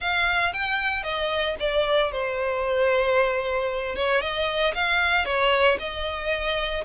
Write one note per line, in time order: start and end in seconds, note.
0.00 0.53 F5
0.53 1.03 G5
1.03 1.55 D#5
1.59 2.12 D5
2.12 3.95 C5
3.95 4.21 C#5
4.21 4.73 D#5
4.74 5.25 F5
5.25 5.78 C#5
5.79 6.84 D#5